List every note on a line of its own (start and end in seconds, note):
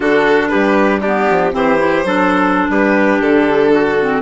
0.00 0.51 D3
0.00 1.02 D4
0.00 0.50 F#4
0.00 0.48 A4
0.48 1.30 G3
0.48 1.01 G4
0.48 0.99 B4
1.01 1.52 B3
1.01 1.52 D4
1.01 1.52 G4
1.30 1.53 F3
1.52 2.04 E3
1.52 1.77 C4
1.52 2.06 G4
1.52 2.70 C5
1.78 2.04 E4
2.04 2.68 F#3
2.04 3.98 D4
2.04 2.70 A4
2.69 3.20 G3
2.69 3.73 G4
2.69 3.21 B4
3.20 4.21 D3
3.20 4.21 A4
3.73 4.21 F#4
4.00 4.21 C4